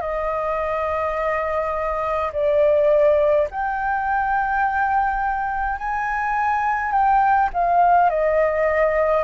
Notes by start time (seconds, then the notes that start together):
0.00 D#5
2.32 D5
3.50 G5
5.78 G#5
6.91 G5
7.53 F5
8.09 D#5